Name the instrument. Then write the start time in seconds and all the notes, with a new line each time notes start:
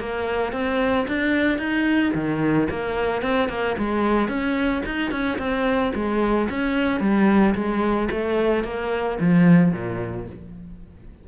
cello
0.00 A#3
0.52 C4
1.08 D4
1.58 D#4
2.14 D#3
2.70 A#3
3.22 C4
3.49 A#3
3.78 G#3
4.29 C#4
4.86 D#4
5.11 C#4
5.39 C4
5.95 G#3
6.50 C#4
7.00 G3
7.55 G#3
8.11 A3
8.64 A#3
9.20 F3
9.72 A#2